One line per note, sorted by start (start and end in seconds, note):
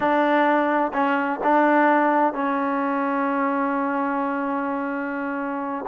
0.00 0.92 D4
0.93 1.40 C#4
1.43 2.33 D4
2.33 5.85 C#4